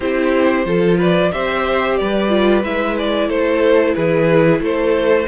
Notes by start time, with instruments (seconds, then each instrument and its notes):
0.00 cello C4, viola E4, violin G4 C5
0.65 cello F3, viola F4, violin A4
0.97 violin B4 D5
1.32 cello C4, viola G4, violin C5 E5
1.97 cello G3, violin B4 D5
2.29 viola F4
2.63 cello G#3, viola E4, violin E5
2.98 violin D5
3.27 cello A3, violin A4 C5
3.94 cello E3, violin G#4 B4
4.60 cello A3, violin A4 C5